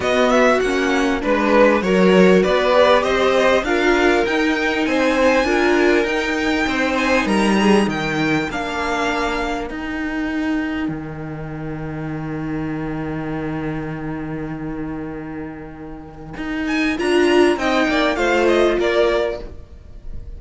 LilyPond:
<<
  \new Staff \with { instrumentName = "violin" } { \time 4/4 \tempo 4 = 99 dis''8 e''8 fis''4 b'4 cis''4 | d''4 dis''4 f''4 g''4 | gis''2 g''4. gis''8 | ais''4 g''4 f''2 |
g''1~ | g''1~ | g''2.~ g''8 gis''8 | ais''4 g''4 f''8 dis''8 d''4 | }
  \new Staff \with { instrumentName = "violin" } { \time 4/4 fis'2 b'4 ais'4 | b'4 c''4 ais'2 | c''4 ais'2 c''4 | ais'8 gis'8 ais'2.~ |
ais'1~ | ais'1~ | ais'1~ | ais'4 dis''8 d''8 c''4 ais'4 | }
  \new Staff \with { instrumentName = "viola" } { \time 4/4 b4 cis'4 d'4 fis'4~ | fis'8 g'4. f'4 dis'4~ | dis'4 f'4 dis'2~ | dis'2 d'2 |
dis'1~ | dis'1~ | dis'1 | f'4 dis'4 f'2 | }
  \new Staff \with { instrumentName = "cello" } { \time 4/4 b4 ais4 gis4 fis4 | b4 c'4 d'4 dis'4 | c'4 d'4 dis'4 c'4 | g4 dis4 ais2 |
dis'2 dis2~ | dis1~ | dis2. dis'4 | d'4 c'8 ais8 a4 ais4 | }
>>